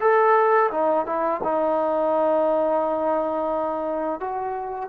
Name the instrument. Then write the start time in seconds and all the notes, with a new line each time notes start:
trombone
0.00 A4
0.71 D#4
1.06 E4
1.43 D#4
4.20 F#4